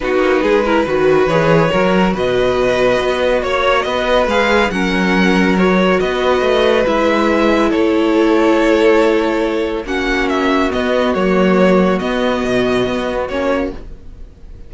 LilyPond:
<<
  \new Staff \with { instrumentName = "violin" } { \time 4/4 \tempo 4 = 140 b'2. cis''4~ | cis''4 dis''2. | cis''4 dis''4 f''4 fis''4~ | fis''4 cis''4 dis''2 |
e''2 cis''2~ | cis''2. fis''4 | e''4 dis''4 cis''2 | dis''2. cis''4 | }
  \new Staff \with { instrumentName = "violin" } { \time 4/4 fis'4 gis'8 ais'8 b'2 | ais'4 b'2. | cis''4 b'2 ais'4~ | ais'2 b'2~ |
b'2 a'2~ | a'2. fis'4~ | fis'1~ | fis'1 | }
  \new Staff \with { instrumentName = "viola" } { \time 4/4 dis'4. e'8 fis'4 gis'4 | fis'1~ | fis'2 gis'4 cis'4~ | cis'4 fis'2. |
e'1~ | e'2. cis'4~ | cis'4 b4 ais2 | b2. cis'4 | }
  \new Staff \with { instrumentName = "cello" } { \time 4/4 b8 ais8 gis4 dis4 e4 | fis4 b,2 b4 | ais4 b4 gis4 fis4~ | fis2 b4 a4 |
gis2 a2~ | a2. ais4~ | ais4 b4 fis2 | b4 b,4 b4 ais4 | }
>>